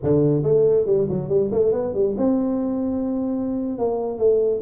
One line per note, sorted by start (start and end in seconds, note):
0.02 0.42 D3
0.42 0.86 A3
0.86 1.07 G3
1.09 1.28 F#3
1.28 1.50 G3
1.51 1.72 A3
1.72 1.94 B3
1.94 2.15 G3
2.17 3.78 C4
3.78 4.18 A#3
4.18 4.61 A3